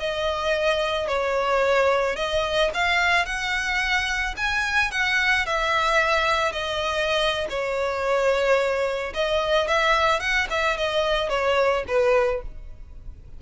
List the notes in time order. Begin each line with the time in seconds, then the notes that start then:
0.00 D#5
1.08 C#5
2.16 D#5
2.74 F5
3.26 F#5
4.37 G#5
4.92 F#5
5.46 E5
6.52 D#5
7.50 C#5
9.14 D#5
9.68 E5
10.20 F#5
10.50 E5
10.78 D#5
11.30 C#5
11.88 B4